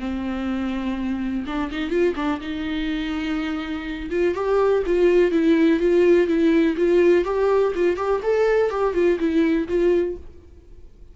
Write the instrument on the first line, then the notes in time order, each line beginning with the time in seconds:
viola
0.00 C4
1.47 D4
1.72 D#4
1.90 F4
2.16 D4
2.41 D#4
4.11 F4
4.35 G4
4.86 F4
5.32 E4
5.80 F4
6.28 E4
6.77 F4
7.25 G4
7.75 F4
7.97 G4
8.23 A4
8.71 G4
8.94 F4
9.20 E4
9.68 F4